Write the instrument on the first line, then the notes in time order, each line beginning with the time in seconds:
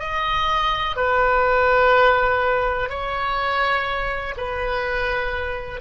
oboe
0.00 D#5
0.97 B4
2.90 C#5
4.37 B4